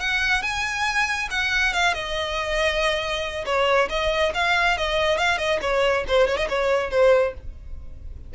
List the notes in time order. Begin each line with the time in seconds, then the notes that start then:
0.00 F#5
0.43 G#5
1.31 F#5
1.74 F5
1.94 D#5
3.46 C#5
3.90 D#5
4.35 F5
4.78 D#5
5.18 F5
5.38 D#5
5.62 C#5
6.08 C5
6.28 C#5
6.37 D#5
6.49 C#5
6.91 C5